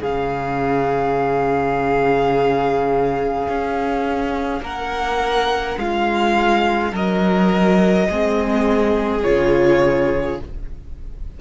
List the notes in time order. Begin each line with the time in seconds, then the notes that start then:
0.00 C#3 C#4 G#4 F5
3.49 C#4
4.61 A#3 A#4 F#5
5.77 G#3 F4 F5
6.92 F#3 A#4 D#5
8.08 G#3 C4 G#4
9.23 C#3 F4 C#5